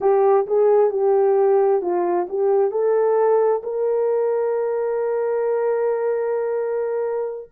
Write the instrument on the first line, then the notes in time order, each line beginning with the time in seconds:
horn
0.00 G4
0.46 G#4
0.90 G4
1.81 F4
2.29 G4
2.71 A4
3.63 A#4